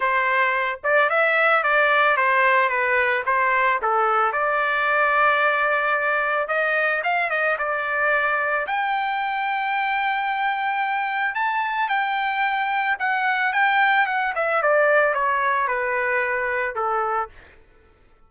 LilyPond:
\new Staff \with { instrumentName = "trumpet" } { \time 4/4 \tempo 4 = 111 c''4. d''8 e''4 d''4 | c''4 b'4 c''4 a'4 | d''1 | dis''4 f''8 dis''8 d''2 |
g''1~ | g''4 a''4 g''2 | fis''4 g''4 fis''8 e''8 d''4 | cis''4 b'2 a'4 | }